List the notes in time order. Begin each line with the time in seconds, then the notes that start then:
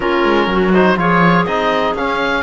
0.00 A#3 C#4 F4 A#4
0.24 G#3
0.46 F#3 F#4
0.73 D#4 C5
0.97 F3 F4 G#4 C#5
1.45 C4 D#4 D#5
1.94 C#4 F5